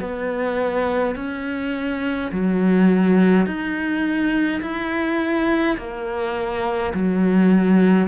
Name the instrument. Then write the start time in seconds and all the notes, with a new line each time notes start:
cello
0.00 B3
1.15 C#4
2.31 F#3
3.46 D#4
4.62 E4
5.77 A#3
6.93 F#3